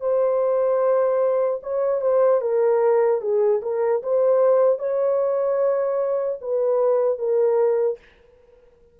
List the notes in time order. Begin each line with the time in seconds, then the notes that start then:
0.00 C5
1.62 C#5
2.01 C5
2.41 A#4
3.21 G#4
3.62 A#4
4.03 C5
4.78 C#5
6.41 B4
7.18 A#4